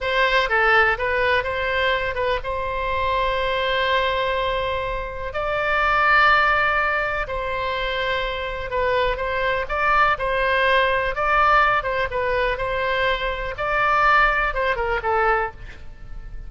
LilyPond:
\new Staff \with { instrumentName = "oboe" } { \time 4/4 \tempo 4 = 124 c''4 a'4 b'4 c''4~ | c''8 b'8 c''2.~ | c''2. d''4~ | d''2. c''4~ |
c''2 b'4 c''4 | d''4 c''2 d''4~ | d''8 c''8 b'4 c''2 | d''2 c''8 ais'8 a'4 | }